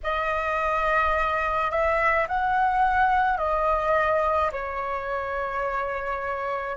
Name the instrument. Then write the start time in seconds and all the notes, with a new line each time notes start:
flute
0.03 D#5
1.70 E5
2.27 F#5
3.37 D#5
4.51 C#5